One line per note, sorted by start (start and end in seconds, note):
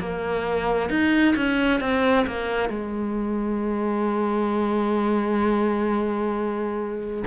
0.00 0.90 A#3
0.90 1.36 D#4
1.36 1.81 C#4
1.81 2.26 C4
2.27 2.70 A#3
2.70 7.24 G#3